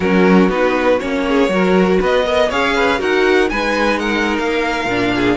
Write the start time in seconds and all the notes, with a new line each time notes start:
0.00 F#3 C#4 F#4 A#4
0.48 B3 D#4 B4
0.99 A#3 C#4 C#5
1.27 G#4
1.48 F#3 F#4 A#4
2.00 B3 B4 D#5
2.25 A#4 D#5
2.49 C#4 G#4 C#5 F5
2.75 B4
2.98 D#4 F#4 A#4 F#5
3.49 G#3 D#4 B4 G#5
3.98 A#4 F#5
4.38 A#3 F5
4.85 A#2 D4
5.15 G#4